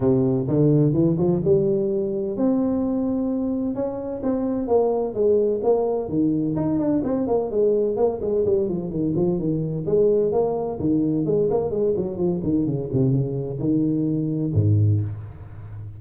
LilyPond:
\new Staff \with { instrumentName = "tuba" } { \time 4/4 \tempo 4 = 128 c4 d4 e8 f8 g4~ | g4 c'2. | cis'4 c'4 ais4 gis4 | ais4 dis4 dis'8 d'8 c'8 ais8 |
gis4 ais8 gis8 g8 f8 dis8 f8 | dis4 gis4 ais4 dis4 | gis8 ais8 gis8 fis8 f8 dis8 cis8 c8 | cis4 dis2 gis,4 | }